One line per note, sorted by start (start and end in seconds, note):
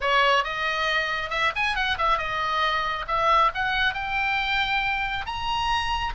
0.00 0.44 C#5
0.44 1.30 D#5
1.30 1.52 E5
1.55 1.75 G#5
1.75 1.97 F#5
1.97 2.18 E5
2.18 3.05 D#5
3.07 3.51 E5
3.54 3.94 F#5
3.94 5.25 G5
5.26 6.13 A#5